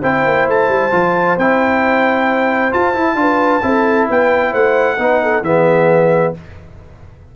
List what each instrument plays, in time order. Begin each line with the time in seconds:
0.00 tuba C4, trombone E4, horn C5, trumpet G5
0.26 tuba A#3
0.48 tuba A3, trumpet A5
0.69 tuba G3
0.91 tuba F3, trombone F4
1.38 tuba C4, trombone E4, trumpet G5
2.71 trombone F4, tuba F4, trumpet A5
2.94 trombone E4, tuba E4
3.15 tuba D4, trombone F4, horn B4
3.62 tuba C4, trombone E4, horn A4
4.09 tuba B3, horn B4, trumpet G5
4.52 tuba A3, horn C5, trumpet F#5
4.98 tuba B3, trombone D#4, horn B4
5.23 horn A4
5.41 tuba E3, trombone B3, horn G#4, trumpet E5